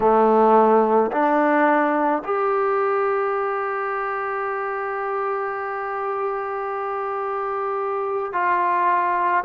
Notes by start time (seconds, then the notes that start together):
0.00 A3
1.11 D4
2.24 G4
8.32 F4